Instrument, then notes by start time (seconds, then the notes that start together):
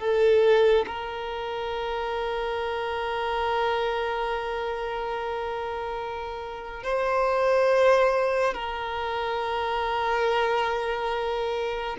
violin
0.00 A4
0.87 A#4
6.84 C5
8.54 A#4